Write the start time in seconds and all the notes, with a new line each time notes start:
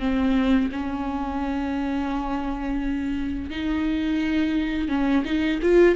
0.00 C4
0.72 C#4
3.50 D#4
4.89 C#4
5.25 D#4
5.62 F4